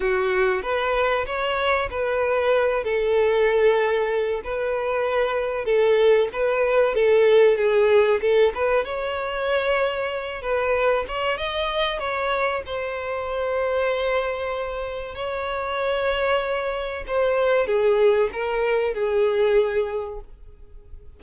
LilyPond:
\new Staff \with { instrumentName = "violin" } { \time 4/4 \tempo 4 = 95 fis'4 b'4 cis''4 b'4~ | b'8 a'2~ a'8 b'4~ | b'4 a'4 b'4 a'4 | gis'4 a'8 b'8 cis''2~ |
cis''8 b'4 cis''8 dis''4 cis''4 | c''1 | cis''2. c''4 | gis'4 ais'4 gis'2 | }